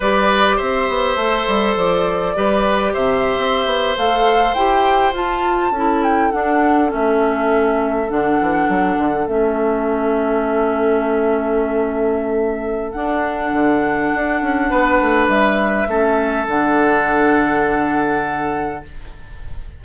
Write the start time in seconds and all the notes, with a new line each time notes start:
0.00 G3 G4 B4 D5
0.56 C4 C5 E5
0.88 B3
1.15 A3 A4
1.47 G3
1.76 F3 D5
2.35 G3 G4 B4
2.93 C3 C5 E5
3.37 C4
3.65 B3
3.97 A3 A4 F5
4.54 E4 G4 G5
5.12 F4 A5
5.71 C#4 E4 A4
6.03 G5
6.31 D4 F#5
6.88 A3 C#4 E5
8.09 D3 D4 F#5
8.41 E3
8.68 F#3
8.98 D3
9.27 A3 C#4 E5
12.91 D4 F#5
13.52 D3
14.14 D4
14.41 C#4
14.70 B3 B4
15.00 A3
15.28 G3 E5
15.87 A3 C#4 A4
16.47 D3 D4 F#5